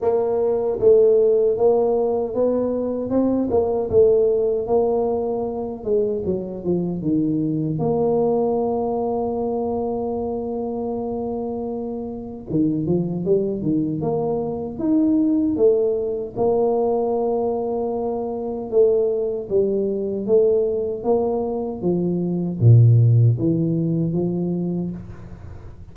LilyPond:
\new Staff \with { instrumentName = "tuba" } { \time 4/4 \tempo 4 = 77 ais4 a4 ais4 b4 | c'8 ais8 a4 ais4. gis8 | fis8 f8 dis4 ais2~ | ais1 |
dis8 f8 g8 dis8 ais4 dis'4 | a4 ais2. | a4 g4 a4 ais4 | f4 ais,4 e4 f4 | }